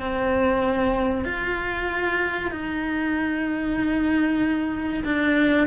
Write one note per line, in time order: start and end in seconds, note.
0.00 1.25 C4
1.25 2.51 F4
2.51 5.04 D#4
5.05 5.68 D4